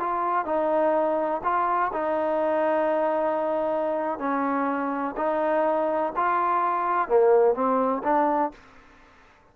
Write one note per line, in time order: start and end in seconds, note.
0.00 0.46 F4
0.46 1.42 D#4
1.44 1.92 F4
1.93 4.19 D#4
4.19 5.15 C#4
5.17 6.13 D#4
6.16 7.09 F4
7.09 7.55 A#3
7.55 8.03 C4
8.04 8.52 D4